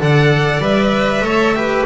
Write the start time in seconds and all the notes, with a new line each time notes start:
0.00 D3 A4 D5 F#5
0.59 G3 B4 E5
1.21 A3 A4 C#5
1.56 G4 B4